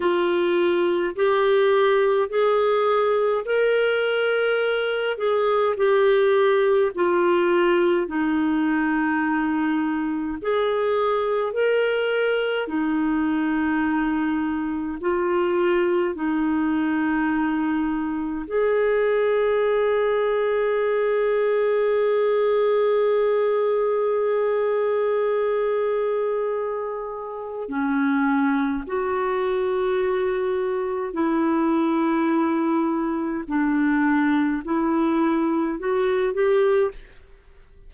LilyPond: \new Staff \with { instrumentName = "clarinet" } { \time 4/4 \tempo 4 = 52 f'4 g'4 gis'4 ais'4~ | ais'8 gis'8 g'4 f'4 dis'4~ | dis'4 gis'4 ais'4 dis'4~ | dis'4 f'4 dis'2 |
gis'1~ | gis'1 | cis'4 fis'2 e'4~ | e'4 d'4 e'4 fis'8 g'8 | }